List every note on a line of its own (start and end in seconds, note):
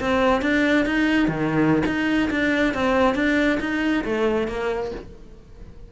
0.00 0.42 C4
0.42 0.86 D4
0.86 1.28 D#4
1.28 1.83 D#3
1.86 2.30 D#4
2.31 2.74 D4
2.74 3.15 C4
3.15 3.59 D4
3.60 4.04 D#4
4.04 4.48 A3
4.48 4.91 A#3